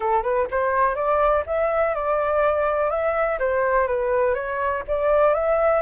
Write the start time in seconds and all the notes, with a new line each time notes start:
0.00 A4
0.23 B4
0.50 C5
0.95 D5
1.46 E5
1.94 D5
2.90 E5
3.39 C5
3.87 B4
4.34 C#5
4.87 D5
5.34 E5